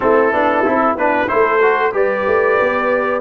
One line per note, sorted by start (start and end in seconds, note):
0.00 0.33 A3
0.00 0.32 C4
0.00 1.30 E4
0.00 0.96 A4
0.32 0.65 B3
0.32 0.64 D4
0.65 0.94 C4
0.65 0.97 E4
0.94 1.27 B3
0.94 1.27 D4
0.94 1.28 B4
1.27 1.93 A3
1.27 1.59 E4
1.27 1.94 A4
1.27 1.92 C5
1.61 1.92 F#4
1.92 2.25 G3
1.92 3.21 G4
1.92 3.21 B4
1.92 3.21 D5
2.26 2.59 A3
2.60 3.21 B3